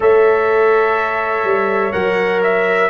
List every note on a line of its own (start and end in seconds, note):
0.00 1.43 A3
0.00 1.92 A4
0.00 2.89 C#5
0.00 1.92 E5
1.43 1.91 G3
1.92 2.89 F#3
1.92 2.89 A#4
1.92 2.40 F#5
2.43 2.89 E5